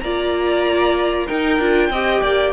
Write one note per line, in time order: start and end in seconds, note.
0.00 1.27 A#3
0.00 1.28 F4
0.00 1.26 D5
0.00 1.26 A#5
1.26 1.59 D#4
1.26 1.89 A#4
1.26 2.52 G5
1.59 1.90 D4
1.59 1.91 F4
1.90 2.21 C4
1.90 2.52 G4
1.90 2.22 D#5
2.22 2.52 A#3
2.22 2.52 D5